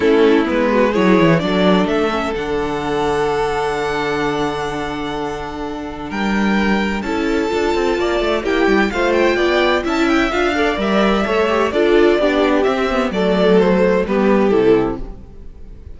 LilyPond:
<<
  \new Staff \with { instrumentName = "violin" } { \time 4/4 \tempo 4 = 128 a'4 b'4 cis''4 d''4 | e''4 fis''2.~ | fis''1~ | fis''4 g''2 a''4~ |
a''2 g''4 f''8 g''8~ | g''4 a''8 g''8 f''4 e''4~ | e''4 d''2 e''4 | d''4 c''4 b'4 a'4 | }
  \new Staff \with { instrumentName = "violin" } { \time 4/4 e'4. fis'8 gis'4 a'4~ | a'1~ | a'1~ | a'4 ais'2 a'4~ |
a'4 d''4 g'4 c''4 | d''4 e''4. d''4. | cis''4 a'4 g'2 | a'2 g'2 | }
  \new Staff \with { instrumentName = "viola" } { \time 4/4 cis'4 b4 e'4 d'4~ | d'8 cis'8 d'2.~ | d'1~ | d'2. e'4 |
f'2 e'4 f'4~ | f'4 e'4 f'8 a'8 ais'4 | a'8 g'8 f'4 d'4 c'8 b8 | a2 b4 e'4 | }
  \new Staff \with { instrumentName = "cello" } { \time 4/4 a4 gis4 fis8 e8 fis4 | a4 d2.~ | d1~ | d4 g2 cis'4 |
d'8 c'8 ais8 a8 ais8 g8 a4 | b4 cis'4 d'4 g4 | a4 d'4 b4 c'4 | fis2 g4 c4 | }
>>